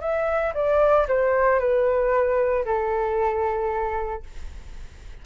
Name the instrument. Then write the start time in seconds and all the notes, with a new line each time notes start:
flute
0.00 E5
0.54 D5
1.08 C5
1.59 B4
2.65 A4